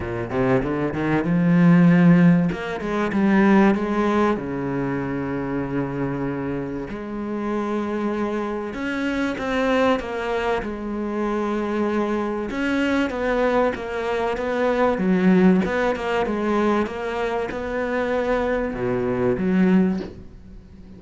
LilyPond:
\new Staff \with { instrumentName = "cello" } { \time 4/4 \tempo 4 = 96 ais,8 c8 d8 dis8 f2 | ais8 gis8 g4 gis4 cis4~ | cis2. gis4~ | gis2 cis'4 c'4 |
ais4 gis2. | cis'4 b4 ais4 b4 | fis4 b8 ais8 gis4 ais4 | b2 b,4 fis4 | }